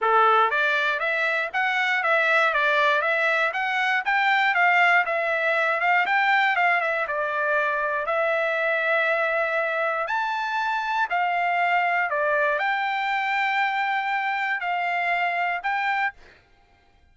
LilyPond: \new Staff \with { instrumentName = "trumpet" } { \time 4/4 \tempo 4 = 119 a'4 d''4 e''4 fis''4 | e''4 d''4 e''4 fis''4 | g''4 f''4 e''4. f''8 | g''4 f''8 e''8 d''2 |
e''1 | a''2 f''2 | d''4 g''2.~ | g''4 f''2 g''4 | }